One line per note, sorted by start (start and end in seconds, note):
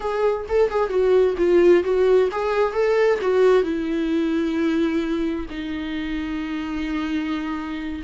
0.00 0.46 G#4
0.48 0.70 A4
0.70 0.89 G#4
0.89 1.34 F#4
1.37 1.83 F4
1.83 2.29 F#4
2.31 2.73 G#4
2.73 3.19 A4
3.21 3.62 F#4
3.62 5.46 E4
5.50 8.02 D#4